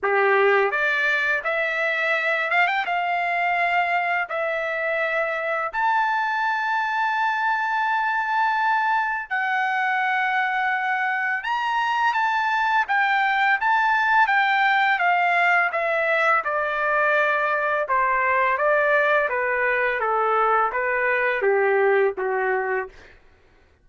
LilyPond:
\new Staff \with { instrumentName = "trumpet" } { \time 4/4 \tempo 4 = 84 g'4 d''4 e''4. f''16 g''16 | f''2 e''2 | a''1~ | a''4 fis''2. |
ais''4 a''4 g''4 a''4 | g''4 f''4 e''4 d''4~ | d''4 c''4 d''4 b'4 | a'4 b'4 g'4 fis'4 | }